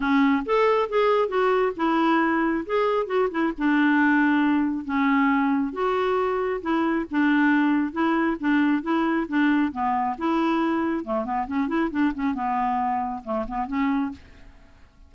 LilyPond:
\new Staff \with { instrumentName = "clarinet" } { \time 4/4 \tempo 4 = 136 cis'4 a'4 gis'4 fis'4 | e'2 gis'4 fis'8 e'8 | d'2. cis'4~ | cis'4 fis'2 e'4 |
d'2 e'4 d'4 | e'4 d'4 b4 e'4~ | e'4 a8 b8 cis'8 e'8 d'8 cis'8 | b2 a8 b8 cis'4 | }